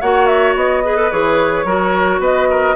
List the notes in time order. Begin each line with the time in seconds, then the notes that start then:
0.00 A#3 F#4 C#5 F#5
0.26 E5
0.55 B3 D#5
0.84 G#4 B4
0.96 A4
1.10 E3 G#4 C#5
1.64 F#3 F#4 A#4
2.19 B3 B4 D#5
2.49 A#4